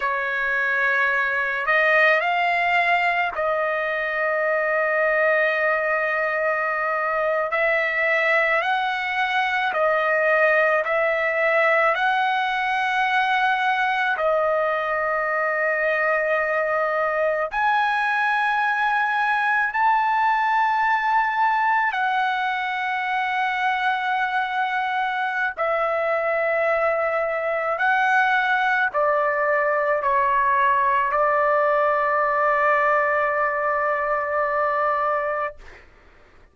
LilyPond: \new Staff \with { instrumentName = "trumpet" } { \time 4/4 \tempo 4 = 54 cis''4. dis''8 f''4 dis''4~ | dis''2~ dis''8. e''4 fis''16~ | fis''8. dis''4 e''4 fis''4~ fis''16~ | fis''8. dis''2. gis''16~ |
gis''4.~ gis''16 a''2 fis''16~ | fis''2. e''4~ | e''4 fis''4 d''4 cis''4 | d''1 | }